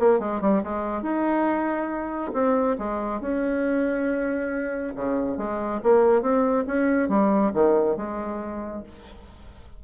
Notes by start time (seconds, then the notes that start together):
0.00 A#3
0.20 G#3
0.41 G3
0.64 G#3
1.03 D#4
2.34 C4
2.79 G#3
3.21 C#4
4.96 C#3
5.38 G#3
5.83 A#3
6.22 C4
6.67 C#4
7.09 G3
7.54 D#3
7.97 G#3